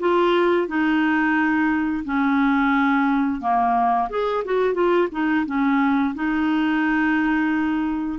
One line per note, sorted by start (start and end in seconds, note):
0.00 0.68 F4
0.68 2.04 D#4
2.05 3.41 C#4
3.41 4.09 A#3
4.10 4.44 G#4
4.45 4.74 F#4
4.74 5.08 F4
5.12 5.46 D#4
5.47 6.15 C#4
6.15 8.19 D#4